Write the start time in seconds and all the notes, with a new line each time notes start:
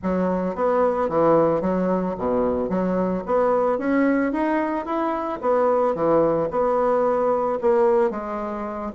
0.03 F#3
0.55 B3
1.08 E3
1.61 F#3
2.17 B2
2.69 F#3
3.26 B3
3.78 C#4
4.32 D#4
4.85 E4
5.41 B3
5.94 E3
6.50 B3
7.61 A#3
8.10 G#3